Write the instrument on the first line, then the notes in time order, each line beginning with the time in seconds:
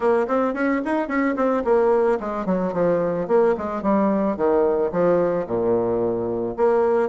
bassoon
0.00 A#3
0.27 C4
0.53 C#4
0.84 D#4
1.08 C#4
1.36 C4
1.64 A#3
2.20 G#3
2.45 F#3
2.73 F3
3.27 A#3
3.57 G#3
3.82 G3
4.36 D#3
4.91 F3
5.46 A#2
6.56 A#3